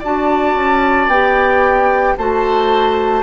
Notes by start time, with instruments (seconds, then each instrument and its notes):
0.00 bassoon D4, clarinet F#4, oboe D5, flute A5
0.55 bassoon C#4
1.07 bassoon B3, clarinet G4, flute G5
2.18 bassoon A3, clarinet F#4, oboe C5, flute A5